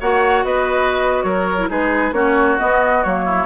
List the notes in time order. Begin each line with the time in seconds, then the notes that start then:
0.00 A#3 F#4 C#5 F#5
0.44 B3 B4 D#5
1.22 F#3 A#4 C#5
1.59 E4
1.68 G#3 D#4 G#4 B4
2.12 A#3 C#4 F#4 C#5
2.58 B3 D#5
3.03 F#3 A#3 C#5
3.25 E4